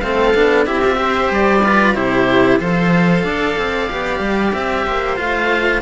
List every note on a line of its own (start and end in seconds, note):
0.00 0.35 A3
0.00 0.34 C4
0.00 0.66 A4
0.00 0.65 F5
0.35 0.67 B3
0.35 0.66 D4
0.66 1.30 C4
0.66 0.83 E4
0.66 0.98 G4
0.66 1.32 E5
0.85 0.96 F4
0.96 1.60 G4
0.96 1.64 C5
1.30 1.95 G3
1.30 1.95 D5
1.64 1.95 F4
1.64 1.96 B4
1.95 2.60 C3
1.95 2.59 E4
1.95 2.60 G4
1.95 2.59 C5
2.59 3.24 F3
2.59 3.88 A4
2.59 3.24 C5
2.59 4.53 F5
3.24 3.56 D4
3.24 4.85 D5
3.57 3.89 C4
3.90 4.20 B3
3.90 5.16 G4
4.20 4.52 G3
4.53 4.86 C4
4.53 5.17 E5
4.86 5.19 A#3
4.86 5.81 C5
5.16 5.81 A3
5.16 5.81 F4
5.16 5.81 F5